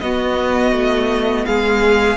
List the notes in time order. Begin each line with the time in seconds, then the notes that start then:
0.00 B3 F#4 D#5
0.72 A3
1.46 G#3 G#4 F5